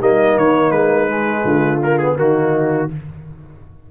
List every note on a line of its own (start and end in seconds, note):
0.00 0.37 G3
0.00 1.09 A#3
0.00 1.43 D#4
0.00 0.38 D#5
0.37 0.70 D#3
0.37 0.71 C#5
0.70 1.43 G#3
0.70 1.80 B4
1.09 1.81 G#3
1.43 2.17 D3
1.43 2.16 F4
1.83 2.00 A#3
1.83 1.98 A#4
1.98 2.17 B3
1.98 2.16 G#4
2.17 2.89 D#3
2.17 2.89 A#3
2.17 2.91 D#4
2.17 2.91 F#4